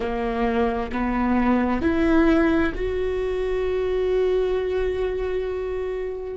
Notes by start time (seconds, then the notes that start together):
0.00 A#3
0.92 B3
1.81 E4
2.74 F#4